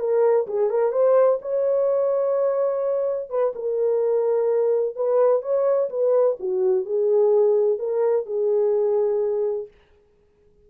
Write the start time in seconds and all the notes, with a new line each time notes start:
0.00 A#4
0.47 G#4
0.70 A#4
0.92 C5
1.42 C#5
3.30 B4
3.55 A#4
4.96 B4
5.42 C#5
5.90 B4
6.40 F#4
6.85 G#4
7.79 A#4
8.26 G#4